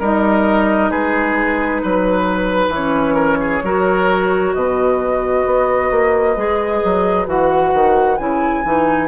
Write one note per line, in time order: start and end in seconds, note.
0.00 0.91 G3
0.00 2.74 D#4
0.00 0.91 A#4
0.00 0.91 D#5
0.91 1.83 G#3
0.91 1.82 G#4
0.91 2.73 B4
1.83 2.69 F#3
1.83 3.15 B4
2.69 3.60 E3
2.69 4.54 C#5
2.76 3.65 C#4
3.15 3.37 A#4
3.41 3.63 G#4
3.63 4.54 F#3
3.63 6.37 F#4
3.63 4.55 A#4
4.54 5.46 B2
4.54 9.08 B4
4.54 7.27 D#5
5.46 5.91 B3
5.91 6.37 A#3
6.37 6.82 G#3
6.37 7.26 G#4
6.85 7.27 F#3
7.26 7.73 E3
7.26 8.17 F#4
7.26 8.18 F#5
7.74 8.19 D#3
8.18 8.65 C#3
8.18 8.64 E4
8.18 9.08 G#5
8.65 9.08 E3
8.65 9.08 D#4